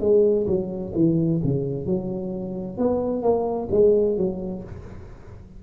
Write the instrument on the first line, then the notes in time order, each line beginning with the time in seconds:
tuba
0.00 G#3
0.47 F#3
0.95 E3
1.43 C#3
1.85 F#3
2.77 B3
3.22 A#3
3.71 G#3
4.17 F#3